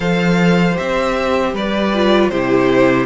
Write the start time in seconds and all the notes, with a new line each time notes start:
0.00 F3 A4 C5 F5
0.74 C4 G4 E5
1.53 G3 B4 D5
1.94 F4
2.29 C3 E4 G4 C5